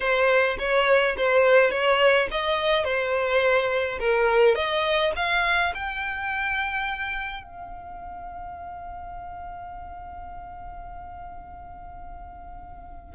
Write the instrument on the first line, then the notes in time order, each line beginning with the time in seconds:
violin
0.00 C5
0.58 C#5
1.17 C5
1.71 C#5
2.31 D#5
2.84 C5
3.99 A#4
4.55 D#5
5.16 F5
5.74 G5
7.43 F5